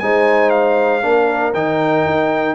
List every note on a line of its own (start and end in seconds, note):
0.00 1.04 G#3
0.00 1.02 D#4
0.00 1.04 C5
0.00 0.50 G#5
0.50 1.53 F5
1.02 1.54 A#3
1.02 1.54 D4
1.02 2.55 A#4
1.54 2.05 D#3
1.54 2.55 D#4
1.54 2.55 G5
2.06 2.55 D#4